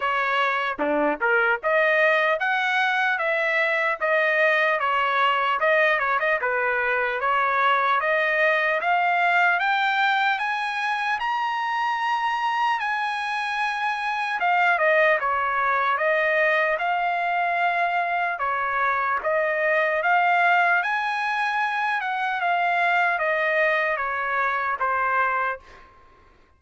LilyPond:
\new Staff \with { instrumentName = "trumpet" } { \time 4/4 \tempo 4 = 75 cis''4 d'8 ais'8 dis''4 fis''4 | e''4 dis''4 cis''4 dis''8 cis''16 dis''16 | b'4 cis''4 dis''4 f''4 | g''4 gis''4 ais''2 |
gis''2 f''8 dis''8 cis''4 | dis''4 f''2 cis''4 | dis''4 f''4 gis''4. fis''8 | f''4 dis''4 cis''4 c''4 | }